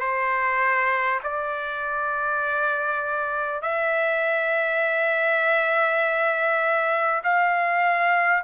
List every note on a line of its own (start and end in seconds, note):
0.00 1.20 C5
1.23 3.63 D5
3.63 7.23 E5
7.24 8.44 F5